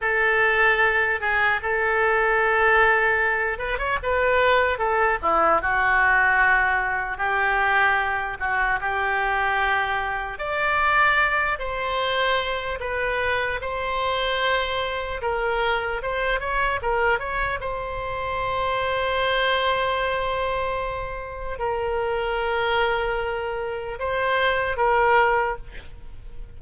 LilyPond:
\new Staff \with { instrumentName = "oboe" } { \time 4/4 \tempo 4 = 75 a'4. gis'8 a'2~ | a'8 b'16 cis''16 b'4 a'8 e'8 fis'4~ | fis'4 g'4. fis'8 g'4~ | g'4 d''4. c''4. |
b'4 c''2 ais'4 | c''8 cis''8 ais'8 cis''8 c''2~ | c''2. ais'4~ | ais'2 c''4 ais'4 | }